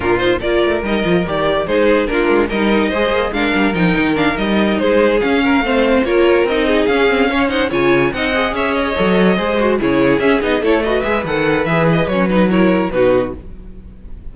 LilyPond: <<
  \new Staff \with { instrumentName = "violin" } { \time 4/4 \tempo 4 = 144 ais'8 c''8 d''4 dis''4 d''4 | c''4 ais'4 dis''2 | f''4 g''4 f''8 dis''4 c''8~ | c''8 f''2 cis''4 dis''8~ |
dis''8 f''4. fis''8 gis''4 fis''8~ | fis''8 e''8 dis''2~ dis''8 cis''8~ | cis''8 e''8 dis''8 cis''8 dis''8 e''8 fis''4 | e''8 dis''8 cis''8 b'8 cis''4 b'4 | }
  \new Staff \with { instrumentName = "violin" } { \time 4/4 f'4 ais'2. | gis'4 f'4 ais'4 c''4 | ais'2.~ ais'8 gis'8~ | gis'4 ais'8 c''4 ais'4. |
gis'4. cis''8 c''8 cis''4 dis''8~ | dis''8 cis''2 c''4 gis'8~ | gis'4. a'8 b'2~ | b'2 ais'4 fis'4 | }
  \new Staff \with { instrumentName = "viola" } { \time 4/4 d'8 dis'8 f'4 dis'8 f'8 g'4 | dis'4 d'4 dis'4 gis'4 | d'4 dis'4 d'8 dis'4.~ | dis'8 cis'4 c'4 f'4 dis'8~ |
dis'8 cis'8 c'8 cis'8 dis'8 f'4 dis'8 | gis'4. a'4 gis'8 fis'8 e'8~ | e'8 cis'8 dis'8 e'8 fis'8 gis'8 a'4 | gis'4 cis'8 dis'8 e'4 dis'4 | }
  \new Staff \with { instrumentName = "cello" } { \time 4/4 ais,4 ais8 a8 g8 f8 dis4 | gis4 ais8 gis8 g4 gis8 ais8 | gis8 g8 f8 dis4 g4 gis8~ | gis8 cis'4 a4 ais4 c'8~ |
c'8 cis'2 cis4 c'8~ | c'8 cis'4 fis4 gis4 cis8~ | cis8 cis'8 b8 a4 gis8 dis4 | e4 fis2 b,4 | }
>>